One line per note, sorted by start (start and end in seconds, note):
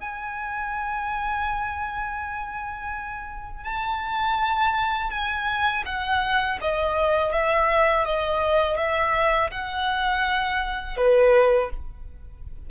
0.00 3.64 G#5
3.64 5.11 A5
5.11 5.84 G#5
5.86 6.59 F#5
6.61 7.32 D#5
7.32 8.05 E5
8.05 8.77 D#5
8.77 9.51 E5
9.51 10.97 F#5
10.97 11.70 B4